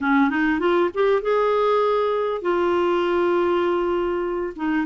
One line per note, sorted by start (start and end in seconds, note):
0.01 0.30 C#4
0.30 0.59 D#4
0.59 0.90 F4
0.94 1.21 G4
1.21 2.41 G#4
2.41 4.53 F4
4.56 4.86 D#4